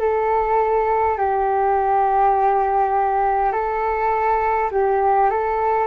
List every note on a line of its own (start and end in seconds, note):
0.00 1.18 A4
1.18 3.52 G4
3.52 4.70 A4
4.71 5.30 G4
5.30 5.87 A4